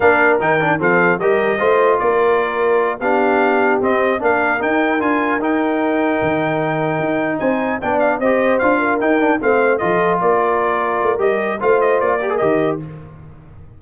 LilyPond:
<<
  \new Staff \with { instrumentName = "trumpet" } { \time 4/4 \tempo 4 = 150 f''4 g''4 f''4 dis''4~ | dis''4 d''2~ d''8 f''8~ | f''4. dis''4 f''4 g''8~ | g''8 gis''4 g''2~ g''8~ |
g''2~ g''8 gis''4 g''8 | f''8 dis''4 f''4 g''4 f''8~ | f''8 dis''4 d''2~ d''8 | dis''4 f''8 dis''8 d''4 dis''4 | }
  \new Staff \with { instrumentName = "horn" } { \time 4/4 ais'2 a'4 ais'4 | c''4 ais'2~ ais'8 g'8~ | g'2~ g'8 ais'4.~ | ais'1~ |
ais'2~ ais'8 c''4 d''8~ | d''8 c''4. ais'4. c''8~ | c''8 a'4 ais'2~ ais'8~ | ais'4 c''4. ais'4. | }
  \new Staff \with { instrumentName = "trombone" } { \time 4/4 d'4 dis'8 d'8 c'4 g'4 | f'2.~ f'8 d'8~ | d'4. c'4 d'4 dis'8~ | dis'8 f'4 dis'2~ dis'8~ |
dis'2.~ dis'8 d'8~ | d'8 g'4 f'4 dis'8 d'8 c'8~ | c'8 f'2.~ f'8 | g'4 f'4. g'16 gis'16 g'4 | }
  \new Staff \with { instrumentName = "tuba" } { \time 4/4 ais4 dis4 f4 g4 | a4 ais2~ ais8 b8~ | b4. c'4 ais4 dis'8~ | dis'8 d'4 dis'2 dis8~ |
dis4. dis'4 c'4 b8~ | b8 c'4 d'4 dis'4 a8~ | a8 f4 ais2 a8 | g4 a4 ais4 dis4 | }
>>